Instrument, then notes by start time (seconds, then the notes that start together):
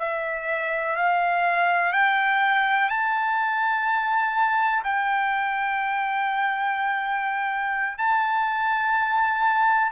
trumpet
0.00 E5
0.97 F5
1.93 G5
2.90 A5
4.84 G5
7.98 A5